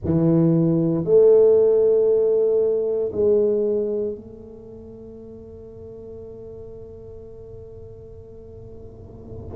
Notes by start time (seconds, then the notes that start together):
0.05 E3
1.04 A3
3.12 G#3
4.15 A3